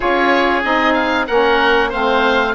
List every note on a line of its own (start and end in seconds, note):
0.00 0.64 C#4
0.00 0.61 F4
0.00 1.27 G#4
0.00 0.63 C#5
0.63 1.28 C4
0.63 1.27 D#4
0.63 0.93 D#5
0.93 1.25 F5
1.27 1.93 A#3
1.27 1.91 C#4
1.27 1.89 A#4
1.27 1.91 F#5
1.89 2.54 A3
1.89 2.54 C4
1.89 2.53 C5
1.89 2.54 F5